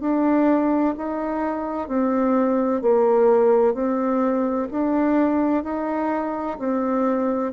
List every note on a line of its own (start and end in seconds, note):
0.00 0.94 D4
0.97 1.87 D#4
1.87 2.81 C4
2.81 3.74 A#3
3.74 4.67 C4
4.71 5.63 D4
5.63 6.57 D#4
6.58 7.52 C4